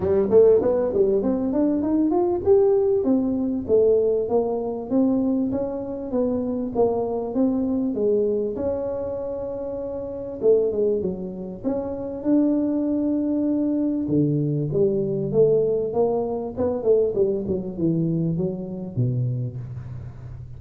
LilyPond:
\new Staff \with { instrumentName = "tuba" } { \time 4/4 \tempo 4 = 98 g8 a8 b8 g8 c'8 d'8 dis'8 f'8 | g'4 c'4 a4 ais4 | c'4 cis'4 b4 ais4 | c'4 gis4 cis'2~ |
cis'4 a8 gis8 fis4 cis'4 | d'2. d4 | g4 a4 ais4 b8 a8 | g8 fis8 e4 fis4 b,4 | }